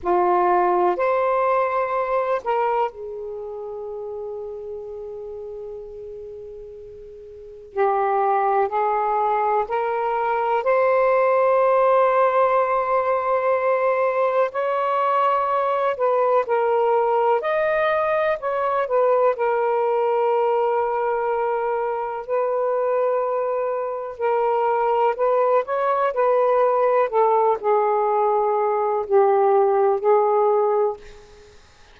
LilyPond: \new Staff \with { instrumentName = "saxophone" } { \time 4/4 \tempo 4 = 62 f'4 c''4. ais'8 gis'4~ | gis'1 | g'4 gis'4 ais'4 c''4~ | c''2. cis''4~ |
cis''8 b'8 ais'4 dis''4 cis''8 b'8 | ais'2. b'4~ | b'4 ais'4 b'8 cis''8 b'4 | a'8 gis'4. g'4 gis'4 | }